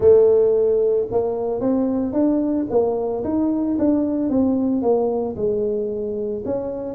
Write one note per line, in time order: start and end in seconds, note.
0.00 1.07 A3
1.11 1.60 A#3
1.60 2.12 C4
2.12 2.66 D4
2.70 3.23 A#3
3.23 3.77 D#4
3.78 4.29 D4
4.29 4.82 C4
4.82 5.35 A#3
5.36 6.43 G#3
6.45 6.94 C#4